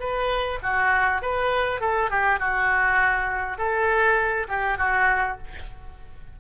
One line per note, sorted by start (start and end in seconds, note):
0.00 0.59 B4
0.63 1.22 F#4
1.22 1.81 B4
1.81 2.10 A4
2.10 2.40 G4
2.40 3.58 F#4
3.58 4.47 A4
4.49 4.78 G4
4.78 5.38 F#4